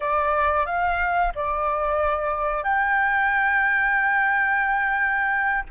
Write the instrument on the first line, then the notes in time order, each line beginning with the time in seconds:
flute
0.00 D5
0.66 F5
1.35 D5
2.63 G5